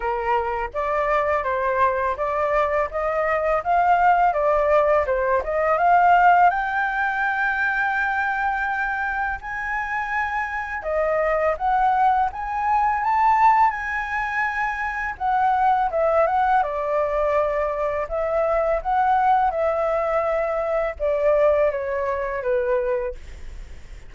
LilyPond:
\new Staff \with { instrumentName = "flute" } { \time 4/4 \tempo 4 = 83 ais'4 d''4 c''4 d''4 | dis''4 f''4 d''4 c''8 dis''8 | f''4 g''2.~ | g''4 gis''2 dis''4 |
fis''4 gis''4 a''4 gis''4~ | gis''4 fis''4 e''8 fis''8 d''4~ | d''4 e''4 fis''4 e''4~ | e''4 d''4 cis''4 b'4 | }